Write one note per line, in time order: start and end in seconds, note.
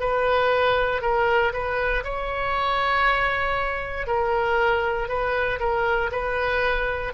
0.00 1.02 B4
1.02 1.53 A#4
1.53 2.04 B4
2.04 4.07 C#5
4.07 5.08 A#4
5.08 5.59 B4
5.60 6.11 A#4
6.12 7.14 B4